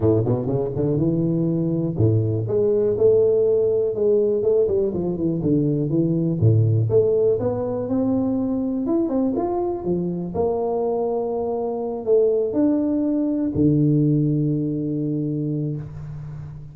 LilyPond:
\new Staff \with { instrumentName = "tuba" } { \time 4/4 \tempo 4 = 122 a,8 b,8 cis8 d8 e2 | a,4 gis4 a2 | gis4 a8 g8 f8 e8 d4 | e4 a,4 a4 b4 |
c'2 e'8 c'8 f'4 | f4 ais2.~ | ais8 a4 d'2 d8~ | d1 | }